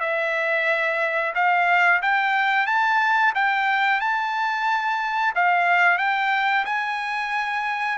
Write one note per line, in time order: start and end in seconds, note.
0.00 1.33 E5
1.35 2.01 F5
2.02 2.66 G5
2.66 3.33 A5
3.35 4.00 G5
4.00 5.34 A5
5.35 5.98 F5
5.98 6.65 G5
6.65 7.98 G#5